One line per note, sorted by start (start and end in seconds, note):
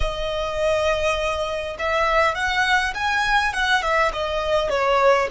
0.00 1.76 D#5
1.78 2.34 E5
2.34 2.93 F#5
2.94 3.53 G#5
3.53 3.82 F#5
3.82 4.11 E5
4.12 4.69 D#5
4.69 5.28 C#5